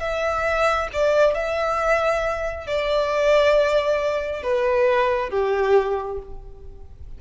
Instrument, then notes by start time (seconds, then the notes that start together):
violin
0.00 E5
0.93 D5
1.34 E5
2.67 D5
4.43 B4
5.30 G4